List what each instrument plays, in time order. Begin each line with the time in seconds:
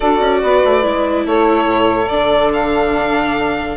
0.00 bassoon D4, viola F#4, saxophone A4, violin D5
0.20 bassoon C#4
0.42 bassoon B3, saxophone B4
0.64 bassoon A3
0.82 bassoon G#3, viola E4
1.25 bassoon A3, saxophone A4, violin C#5
1.64 bassoon A2
2.08 bassoon D3, viola D4, violin D5
2.53 violin F5